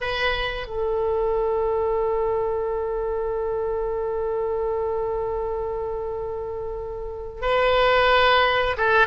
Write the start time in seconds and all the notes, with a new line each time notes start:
0.00 B4
0.67 A4
7.41 B4
8.77 A4